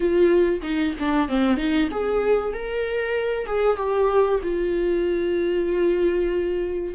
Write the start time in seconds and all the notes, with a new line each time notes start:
0.00 F4
0.62 D#4
0.99 D4
1.28 C4
1.57 D#4
1.91 G#4
2.53 A#4
3.46 G#4
3.77 G4
4.42 F4